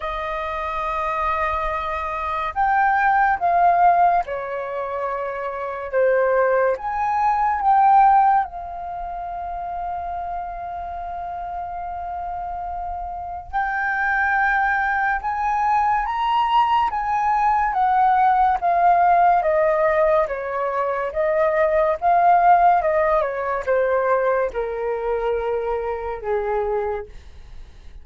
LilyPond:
\new Staff \with { instrumentName = "flute" } { \time 4/4 \tempo 4 = 71 dis''2. g''4 | f''4 cis''2 c''4 | gis''4 g''4 f''2~ | f''1 |
g''2 gis''4 ais''4 | gis''4 fis''4 f''4 dis''4 | cis''4 dis''4 f''4 dis''8 cis''8 | c''4 ais'2 gis'4 | }